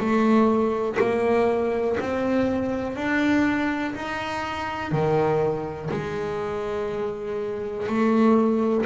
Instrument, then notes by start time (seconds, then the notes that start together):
double bass
0.00 A3
1.00 A#3
2.00 C4
2.96 D4
3.95 D#4
4.92 D#3
5.91 G#3
7.87 A3